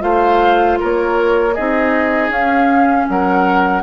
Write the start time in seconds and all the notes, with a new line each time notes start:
0.00 A3 F4 C5 F5
0.80 A#3 A#4 C#5
1.54 C4 D#4 G#4 D#5
2.29 C#4 F5
3.09 F#3 A#4 F#5